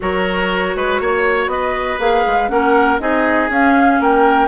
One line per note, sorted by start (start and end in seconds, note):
0.00 0.75 F#3
0.00 1.99 F#4
0.00 0.76 A#4
0.00 1.49 C#5
0.75 1.00 G#3
0.75 1.01 B4
1.00 1.46 A#3
1.00 1.51 C#5
1.46 1.96 B3
1.46 2.51 B4
1.46 1.99 D#5
1.99 2.24 A#3
1.99 2.49 G#4
1.99 2.48 F5
2.26 2.50 G#3
2.48 3.00 A#3
2.48 2.99 C#4
2.48 3.01 A#4
2.48 2.98 F#5
2.99 3.49 C4
2.99 3.49 D#4
2.99 4.00 G#4
2.99 3.49 D#5
3.49 3.99 C#4
3.49 4.48 C#4
3.49 4.02 F5
4.00 4.48 A#3
4.00 4.48 A#4
4.00 4.48 G5